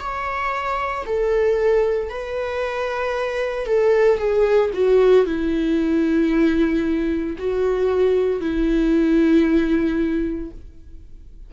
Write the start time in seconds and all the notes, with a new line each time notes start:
0.00 C#5
1.06 A4
2.10 B4
3.67 A4
4.18 G#4
4.74 F#4
5.26 E4
7.39 F#4
8.41 E4